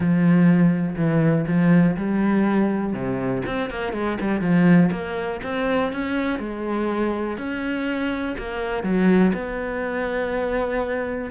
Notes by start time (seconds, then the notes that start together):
0.00 F3
0.96 E3
1.47 F3
1.96 G3
2.93 C3
3.46 C4
3.70 A#3
3.93 G#3
4.20 G3
4.41 F3
4.91 A#3
5.43 C4
5.92 C#4
6.39 G#3
7.37 C#4
8.37 A#3
8.83 F#3
9.34 B3